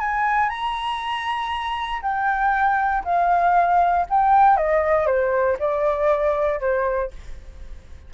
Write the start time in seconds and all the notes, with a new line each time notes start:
0.00 G#5
0.49 A#5
2.02 G5
3.05 F5
4.10 G5
4.57 D#5
5.06 C5
5.59 D5
6.60 C5